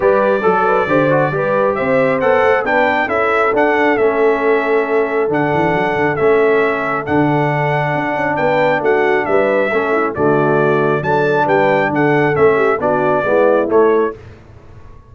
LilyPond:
<<
  \new Staff \with { instrumentName = "trumpet" } { \time 4/4 \tempo 4 = 136 d''1 | e''4 fis''4 g''4 e''4 | fis''4 e''2. | fis''2 e''2 |
fis''2. g''4 | fis''4 e''2 d''4~ | d''4 a''4 g''4 fis''4 | e''4 d''2 cis''4 | }
  \new Staff \with { instrumentName = "horn" } { \time 4/4 b'4 a'8 b'8 c''4 b'4 | c''2 b'4 a'4~ | a'1~ | a'1~ |
a'2. b'4 | fis'4 b'4 a'8 e'8 fis'4~ | fis'4 a'4 b'4 a'4~ | a'8 g'8 fis'4 e'2 | }
  \new Staff \with { instrumentName = "trombone" } { \time 4/4 g'4 a'4 g'8 fis'8 g'4~ | g'4 a'4 d'4 e'4 | d'4 cis'2. | d'2 cis'2 |
d'1~ | d'2 cis'4 a4~ | a4 d'2. | cis'4 d'4 b4 a4 | }
  \new Staff \with { instrumentName = "tuba" } { \time 4/4 g4 fis4 d4 g4 | c'4 b8 a8 b4 cis'4 | d'4 a2. | d8 e8 fis8 d8 a2 |
d2 d'8 cis'8 b4 | a4 g4 a4 d4~ | d4 fis4 g4 d4 | a4 b4 gis4 a4 | }
>>